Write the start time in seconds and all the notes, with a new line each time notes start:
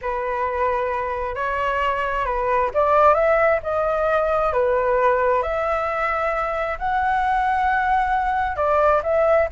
0.01 B4
1.35 C#5
2.25 B4
2.74 D5
3.14 E5
3.62 D#5
4.52 B4
5.42 E5
6.79 F#5
8.56 D5
9.03 E5